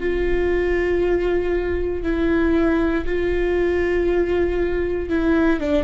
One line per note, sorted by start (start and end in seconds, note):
0.00 2.02 F4
2.02 3.04 E4
3.06 5.09 F4
5.09 5.60 E4
5.60 5.83 D4